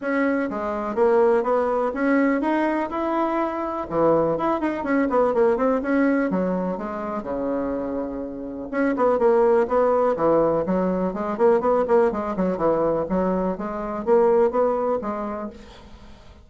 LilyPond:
\new Staff \with { instrumentName = "bassoon" } { \time 4/4 \tempo 4 = 124 cis'4 gis4 ais4 b4 | cis'4 dis'4 e'2 | e4 e'8 dis'8 cis'8 b8 ais8 c'8 | cis'4 fis4 gis4 cis4~ |
cis2 cis'8 b8 ais4 | b4 e4 fis4 gis8 ais8 | b8 ais8 gis8 fis8 e4 fis4 | gis4 ais4 b4 gis4 | }